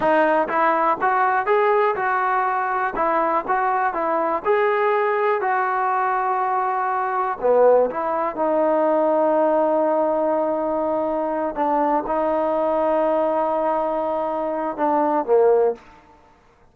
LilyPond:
\new Staff \with { instrumentName = "trombone" } { \time 4/4 \tempo 4 = 122 dis'4 e'4 fis'4 gis'4 | fis'2 e'4 fis'4 | e'4 gis'2 fis'4~ | fis'2. b4 |
e'4 dis'2.~ | dis'2.~ dis'8 d'8~ | d'8 dis'2.~ dis'8~ | dis'2 d'4 ais4 | }